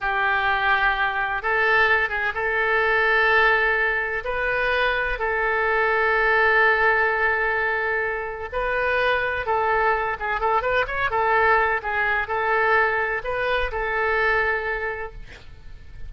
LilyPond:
\new Staff \with { instrumentName = "oboe" } { \time 4/4 \tempo 4 = 127 g'2. a'4~ | a'8 gis'8 a'2.~ | a'4 b'2 a'4~ | a'1~ |
a'2 b'2 | a'4. gis'8 a'8 b'8 cis''8 a'8~ | a'4 gis'4 a'2 | b'4 a'2. | }